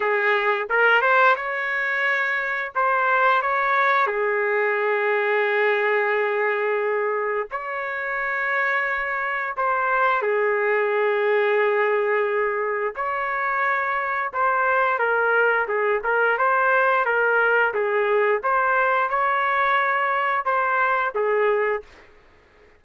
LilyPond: \new Staff \with { instrumentName = "trumpet" } { \time 4/4 \tempo 4 = 88 gis'4 ais'8 c''8 cis''2 | c''4 cis''4 gis'2~ | gis'2. cis''4~ | cis''2 c''4 gis'4~ |
gis'2. cis''4~ | cis''4 c''4 ais'4 gis'8 ais'8 | c''4 ais'4 gis'4 c''4 | cis''2 c''4 gis'4 | }